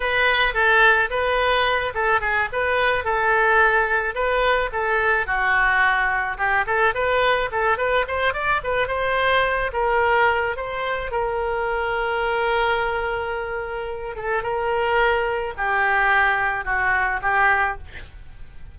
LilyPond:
\new Staff \with { instrumentName = "oboe" } { \time 4/4 \tempo 4 = 108 b'4 a'4 b'4. a'8 | gis'8 b'4 a'2 b'8~ | b'8 a'4 fis'2 g'8 | a'8 b'4 a'8 b'8 c''8 d''8 b'8 |
c''4. ais'4. c''4 | ais'1~ | ais'4. a'8 ais'2 | g'2 fis'4 g'4 | }